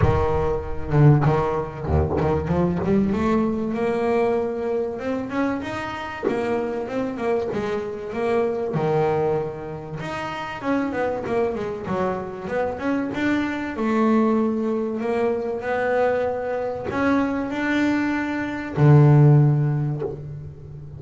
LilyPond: \new Staff \with { instrumentName = "double bass" } { \time 4/4 \tempo 4 = 96 dis4. d8 dis4 dis,8 dis8 | f8 g8 a4 ais2 | c'8 cis'8 dis'4 ais4 c'8 ais8 | gis4 ais4 dis2 |
dis'4 cis'8 b8 ais8 gis8 fis4 | b8 cis'8 d'4 a2 | ais4 b2 cis'4 | d'2 d2 | }